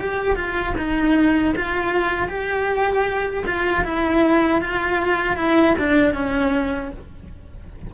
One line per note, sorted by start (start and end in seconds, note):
0.00 0.36 G4
0.36 0.74 F4
0.78 1.55 D#4
1.56 2.29 F4
2.29 3.44 G4
3.47 3.85 F4
3.85 4.62 E4
4.62 5.37 F4
5.37 5.75 E4
5.79 6.14 D4
6.14 6.91 C#4